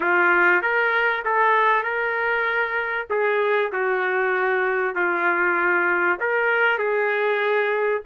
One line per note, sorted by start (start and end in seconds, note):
0.00 0.62 F4
0.62 1.23 A#4
1.25 1.83 A4
1.83 3.06 A#4
3.10 3.71 G#4
3.72 4.95 F#4
4.95 6.19 F4
6.20 6.78 A#4
6.78 8.02 G#4